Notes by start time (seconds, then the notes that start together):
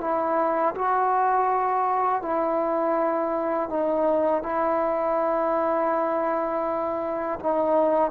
0.00 E4
0.74 F#4
2.22 E4
3.69 D#4
4.42 E4
7.39 D#4